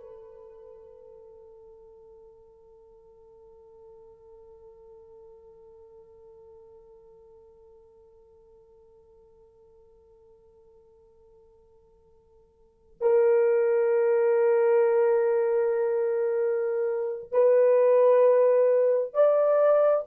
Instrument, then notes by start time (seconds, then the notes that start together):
horn
0.00 A4
13.00 A#4
17.31 B4
19.13 D5